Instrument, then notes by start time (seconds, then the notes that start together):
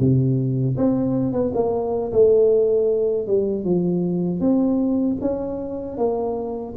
tuba
0.00 C3
0.77 C4
1.33 B3
1.54 A#3
2.13 A3
3.27 G3
3.64 F3
4.41 C4
5.21 C#4
5.98 A#3